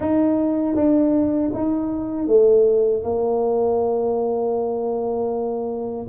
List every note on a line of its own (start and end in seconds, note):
0.00 0.75 D#4
0.75 1.51 D4
1.53 2.27 D#4
2.27 3.02 A3
3.02 6.06 A#3